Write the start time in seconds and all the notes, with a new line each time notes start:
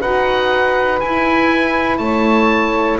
0.00 D#4 F#4 B4 F#5
1.00 E4 G#5
1.98 A3 C#5 A5